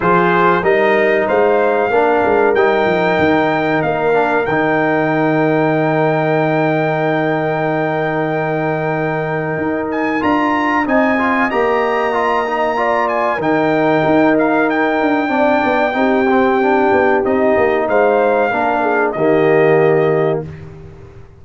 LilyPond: <<
  \new Staff \with { instrumentName = "trumpet" } { \time 4/4 \tempo 4 = 94 c''4 dis''4 f''2 | g''2 f''4 g''4~ | g''1~ | g''2.~ g''8 gis''8 |
ais''4 gis''4 ais''2~ | ais''8 gis''8 g''4. f''8 g''4~ | g''2. dis''4 | f''2 dis''2 | }
  \new Staff \with { instrumentName = "horn" } { \time 4/4 gis'4 ais'4 c''4 ais'4~ | ais'1~ | ais'1~ | ais'1~ |
ais'4 dis''2. | d''4 ais'2. | d''4 g'2. | c''4 ais'8 gis'8 g'2 | }
  \new Staff \with { instrumentName = "trombone" } { \time 4/4 f'4 dis'2 d'4 | dis'2~ dis'8 d'8 dis'4~ | dis'1~ | dis'1 |
f'4 dis'8 f'8 g'4 f'8 dis'8 | f'4 dis'2. | d'4 dis'8 c'8 d'4 dis'4~ | dis'4 d'4 ais2 | }
  \new Staff \with { instrumentName = "tuba" } { \time 4/4 f4 g4 gis4 ais8 gis8 | g8 f8 dis4 ais4 dis4~ | dis1~ | dis2. dis'4 |
d'4 c'4 ais2~ | ais4 dis4 dis'4. d'8 | c'8 b8 c'4. b8 c'8 ais8 | gis4 ais4 dis2 | }
>>